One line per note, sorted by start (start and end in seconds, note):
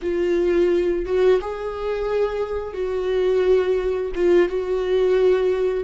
0.02 1.05 F4
1.05 1.39 F#4
1.41 2.73 G#4
2.73 4.11 F#4
4.15 4.48 F4
4.48 5.84 F#4